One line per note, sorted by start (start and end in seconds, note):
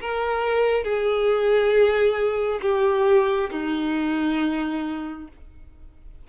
0.00 0.83 A#4
0.83 2.60 G#4
2.61 3.50 G4
3.51 5.27 D#4